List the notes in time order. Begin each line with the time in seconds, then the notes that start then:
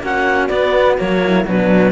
0.00 A#3 C#4 F#4 F#5
0.48 B3 D5
0.98 F#3 A#3 C#5
1.25 E4
1.45 B2 F#3 D4 B4